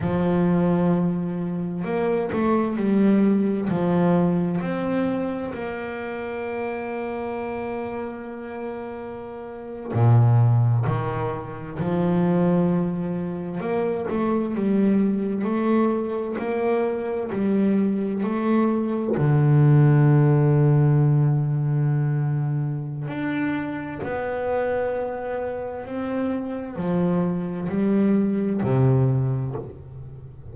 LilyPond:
\new Staff \with { instrumentName = "double bass" } { \time 4/4 \tempo 4 = 65 f2 ais8 a8 g4 | f4 c'4 ais2~ | ais2~ ais8. ais,4 dis16~ | dis8. f2 ais8 a8 g16~ |
g8. a4 ais4 g4 a16~ | a8. d2.~ d16~ | d4 d'4 b2 | c'4 f4 g4 c4 | }